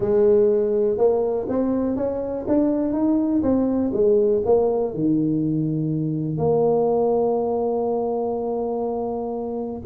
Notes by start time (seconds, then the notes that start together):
0.00 G#3
0.97 A#3
1.48 C4
1.96 C#4
2.47 D4
2.93 D#4
3.42 C4
3.93 G#3
4.45 A#3
4.94 D#3
6.37 A#3